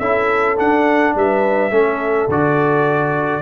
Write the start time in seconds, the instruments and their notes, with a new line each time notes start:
0.00 tuba C#4, trombone E4, horn A4, trumpet E5
0.57 trombone D4, tuba D4, trumpet F#5
1.15 tuba G3, horn B4, trumpet E5
1.71 tuba A3, trombone C#4, horn A4
2.29 tuba D3, trombone F#4, trumpet D5